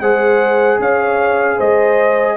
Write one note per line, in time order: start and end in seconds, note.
0.00 0.79 G#3
0.00 2.37 G#4
0.00 0.80 C5
0.00 0.80 F#5
0.79 1.58 C#4
0.79 1.57 C#5
0.79 1.60 F5
1.57 2.37 G#3
1.57 2.36 C5
1.57 2.37 D#5